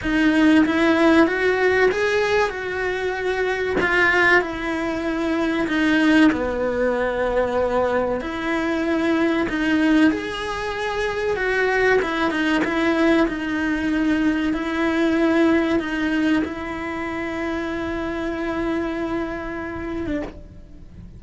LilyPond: \new Staff \with { instrumentName = "cello" } { \time 4/4 \tempo 4 = 95 dis'4 e'4 fis'4 gis'4 | fis'2 f'4 e'4~ | e'4 dis'4 b2~ | b4 e'2 dis'4 |
gis'2 fis'4 e'8 dis'8 | e'4 dis'2 e'4~ | e'4 dis'4 e'2~ | e'2.~ e'8. d'16 | }